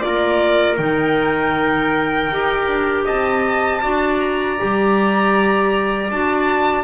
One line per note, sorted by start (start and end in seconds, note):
0.00 0.78 A#3
0.00 0.76 F4
0.00 3.05 A#4
0.00 0.76 D5
0.77 2.30 D#3
0.77 2.30 D#4
0.77 3.04 G5
2.30 2.67 D#4
2.30 3.81 G4
2.67 3.05 D4
3.05 3.83 C4
3.05 3.81 D#5
3.05 4.20 A5
3.81 4.59 D4
3.81 4.57 F#4
3.81 6.83 D5
4.20 6.10 A#5
4.58 6.10 G3
4.58 6.10 G4
6.10 6.83 D4
6.10 6.83 F#4
6.10 6.83 A5